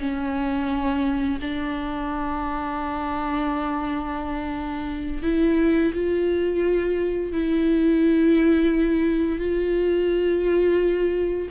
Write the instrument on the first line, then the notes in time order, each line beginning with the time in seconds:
viola
0.00 C#4
1.41 D4
5.23 E4
5.94 F4
7.33 E4
9.39 F4